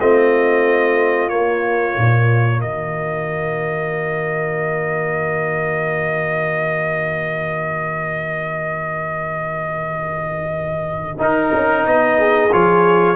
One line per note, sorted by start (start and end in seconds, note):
0.00 1.30 A3
0.00 1.30 C4
0.00 2.61 F4
0.00 1.29 D#5
1.29 11.19 A#3
1.29 1.96 A#3
1.29 2.61 C#5
1.98 2.63 A#2
2.61 11.20 D#3
2.61 12.17 F#4
2.61 11.18 D#5
11.19 12.50 D#4
11.19 11.53 D#4
11.19 11.87 A#4
11.54 11.86 C#4
11.86 12.52 B3
11.86 12.53 D#5
12.19 13.16 G#4
12.53 13.16 F3
12.53 13.16 F4
12.53 13.16 C#5